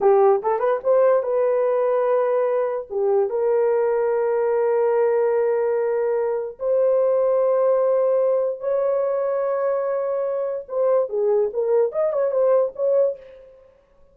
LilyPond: \new Staff \with { instrumentName = "horn" } { \time 4/4 \tempo 4 = 146 g'4 a'8 b'8 c''4 b'4~ | b'2. g'4 | ais'1~ | ais'1 |
c''1~ | c''4 cis''2.~ | cis''2 c''4 gis'4 | ais'4 dis''8 cis''8 c''4 cis''4 | }